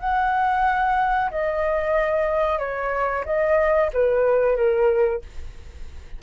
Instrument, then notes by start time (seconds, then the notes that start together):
flute
0.00 F#5
1.31 D#5
2.59 C#5
3.25 D#5
3.93 B4
4.56 A#4